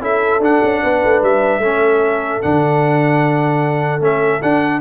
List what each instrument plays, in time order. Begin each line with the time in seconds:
0.00 tuba C#4, trombone E4, horn A4, trumpet E5
0.39 tuba D4, trombone D4, trumpet F#5
0.62 tuba C#4
0.82 tuba B3, horn B4
1.04 tuba A3
1.22 tuba G3, trumpet E5
1.58 tuba A3, trombone C#4, horn A4
2.42 tuba D3, trombone D4, trumpet F#5
4.00 tuba A3, trombone C#4, trumpet E5
4.42 tuba D4, trombone D4, trumpet F#5